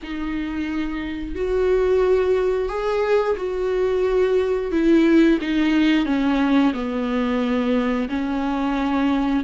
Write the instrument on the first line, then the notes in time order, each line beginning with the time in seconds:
viola
0.02 D#4
1.35 F#4
2.68 G#4
3.36 F#4
4.71 E4
5.41 D#4
6.05 C#4
6.73 B3
8.09 C#4